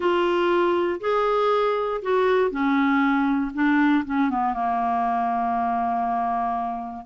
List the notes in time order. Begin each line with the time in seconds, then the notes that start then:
0.00 F4
1.00 G#4
2.02 F#4
2.50 C#4
3.53 D4
4.05 C#4
4.30 B3
4.53 A#3